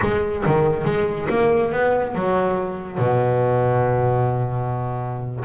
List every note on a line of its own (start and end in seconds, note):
0.01 0.44 G#3
0.45 0.84 D#3
0.84 1.27 G#3
1.29 1.72 A#3
1.72 2.14 B3
2.14 2.98 F#3
2.98 5.44 B2